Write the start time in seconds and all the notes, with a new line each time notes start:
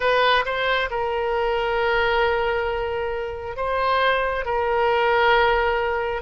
0.00 B4
0.45 C5
0.90 A#4
3.56 C5
4.45 A#4